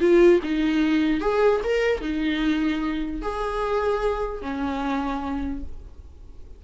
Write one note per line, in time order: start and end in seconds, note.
0.00 0.40 F4
0.43 1.21 D#4
1.21 1.61 G#4
1.64 2.01 A#4
2.01 3.22 D#4
3.22 4.42 G#4
4.42 5.62 C#4